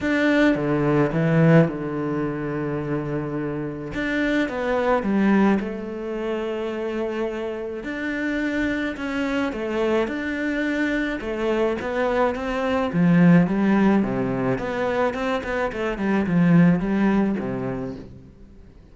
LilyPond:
\new Staff \with { instrumentName = "cello" } { \time 4/4 \tempo 4 = 107 d'4 d4 e4 d4~ | d2. d'4 | b4 g4 a2~ | a2 d'2 |
cis'4 a4 d'2 | a4 b4 c'4 f4 | g4 c4 b4 c'8 b8 | a8 g8 f4 g4 c4 | }